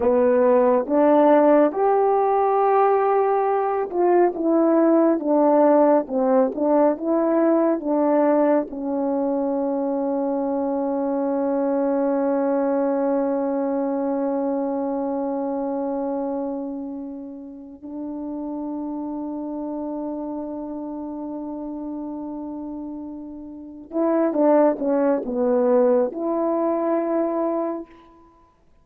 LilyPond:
\new Staff \with { instrumentName = "horn" } { \time 4/4 \tempo 4 = 69 b4 d'4 g'2~ | g'8 f'8 e'4 d'4 c'8 d'8 | e'4 d'4 cis'2~ | cis'1~ |
cis'1~ | cis'8 d'2.~ d'8~ | d'2.~ d'8 e'8 | d'8 cis'8 b4 e'2 | }